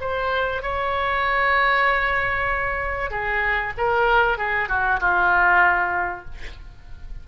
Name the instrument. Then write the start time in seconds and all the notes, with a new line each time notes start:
oboe
0.00 C5
0.62 C#5
3.10 G#4
3.77 A#4
4.38 G#4
4.68 F#4
5.00 F4